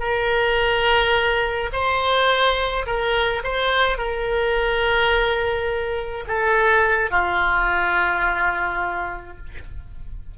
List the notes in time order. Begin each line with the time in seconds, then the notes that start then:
0.00 A#4
1.72 C5
2.86 A#4
3.43 C5
3.98 A#4
6.27 A4
7.10 F4